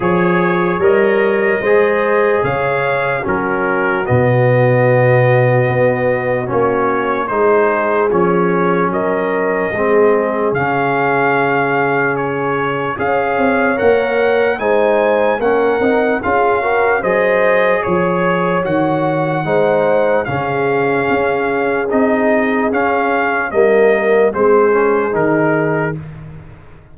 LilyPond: <<
  \new Staff \with { instrumentName = "trumpet" } { \time 4/4 \tempo 4 = 74 cis''4 dis''2 f''4 | ais'4 dis''2. | cis''4 c''4 cis''4 dis''4~ | dis''4 f''2 cis''4 |
f''4 fis''4 gis''4 fis''4 | f''4 dis''4 cis''4 fis''4~ | fis''4 f''2 dis''4 | f''4 dis''4 c''4 ais'4 | }
  \new Staff \with { instrumentName = "horn" } { \time 4/4 cis''2 c''4 cis''4 | fis'1~ | fis'4 gis'2 ais'4 | gis'1 |
cis''2 c''4 ais'4 | gis'8 ais'8 c''4 cis''2 | c''4 gis'2.~ | gis'4 ais'4 gis'2 | }
  \new Staff \with { instrumentName = "trombone" } { \time 4/4 gis'4 ais'4 gis'2 | cis'4 b2. | cis'4 dis'4 cis'2 | c'4 cis'2. |
gis'4 ais'4 dis'4 cis'8 dis'8 | f'8 fis'8 gis'2 fis'4 | dis'4 cis'2 dis'4 | cis'4 ais4 c'8 cis'8 dis'4 | }
  \new Staff \with { instrumentName = "tuba" } { \time 4/4 f4 g4 gis4 cis4 | fis4 b,2 b4 | ais4 gis4 f4 fis4 | gis4 cis2. |
cis'8 c'8 ais4 gis4 ais8 c'8 | cis'4 fis4 f4 dis4 | gis4 cis4 cis'4 c'4 | cis'4 g4 gis4 dis4 | }
>>